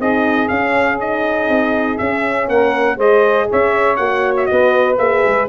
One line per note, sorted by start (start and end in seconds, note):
0.00 0.50 C4
0.00 0.50 D#4
0.00 2.50 G#4
0.00 0.49 D#5
0.49 1.00 C#4
0.49 1.49 C#4
0.49 0.99 F5
1.00 1.99 D#4
1.00 1.98 D#5
1.49 1.99 C4
1.98 2.97 C#4
1.98 2.49 C#4
1.98 2.48 E5
2.49 2.98 A#3
2.49 2.97 A#4
2.49 2.99 F#5
2.97 3.48 G#3
2.97 3.97 G#4
2.97 3.47 C5
2.97 3.50 D#5
3.50 4.00 C#4
3.50 4.50 C#5
3.50 3.97 E5
3.97 4.50 A#3
3.97 4.98 F#4
3.97 4.34 F#5
4.37 4.46 E5
4.46 4.99 B3
4.46 5.49 B4
4.46 4.96 D#5
4.99 5.24 A#3
4.99 5.49 G#4
4.99 5.49 E5
5.26 5.49 G#3